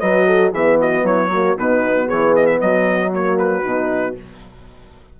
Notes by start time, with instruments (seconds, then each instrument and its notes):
0.00 bassoon F#3, horn F#4 B4, trumpet D#5
0.27 horn A4
0.52 bassoon E3, horn B3 G#4, trumpet E5
0.81 horn F#4, trumpet D#5
1.03 bassoon F#3, horn E4, trumpet C#5
1.31 horn A#3 F#4
1.57 bassoon B2, horn B3 D#4, trumpet B4
2.06 bassoon E3, horn G#4, trumpet C#5
2.36 trumpet D#5
2.47 trumpet E5
2.61 bassoon F#3, horn F#4, trumpet D#5
3.13 horn A#3, trumpet C#5
3.39 trumpet B4
3.63 bassoon B2, horn D#4